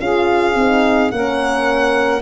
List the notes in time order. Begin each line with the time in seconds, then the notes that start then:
0.00 C#4 F4 G#4 F5
0.55 C4 D#4
1.11 A#3 C#4 A#4 F#5